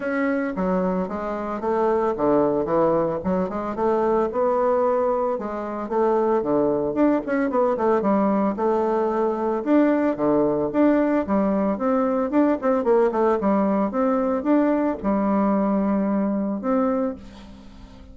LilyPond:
\new Staff \with { instrumentName = "bassoon" } { \time 4/4 \tempo 4 = 112 cis'4 fis4 gis4 a4 | d4 e4 fis8 gis8 a4 | b2 gis4 a4 | d4 d'8 cis'8 b8 a8 g4 |
a2 d'4 d4 | d'4 g4 c'4 d'8 c'8 | ais8 a8 g4 c'4 d'4 | g2. c'4 | }